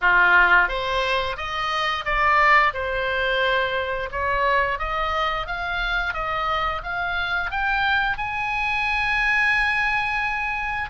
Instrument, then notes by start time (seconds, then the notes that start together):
oboe
0.01 F4
0.68 C5
1.36 D#5
2.05 D5
2.73 C5
4.11 C#5
4.79 D#5
5.46 F5
6.13 D#5
6.83 F5
7.51 G5
8.17 G#5